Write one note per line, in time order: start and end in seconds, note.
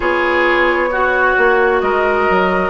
0.00 1.35 B3
0.00 0.91 F4
0.00 0.89 G#4
0.00 1.80 C#5
0.91 1.82 F#4
0.91 2.70 F#4
1.37 1.82 A#3
1.80 2.27 G#3
1.80 2.70 A#4
1.80 2.70 D#5
2.29 2.70 F#3